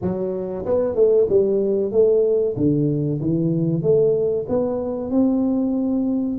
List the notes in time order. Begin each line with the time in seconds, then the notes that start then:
0.01 F#3
0.65 B3
0.95 A3
1.29 G3
1.91 A3
2.56 D3
3.21 E3
3.82 A3
4.48 B3
5.10 C4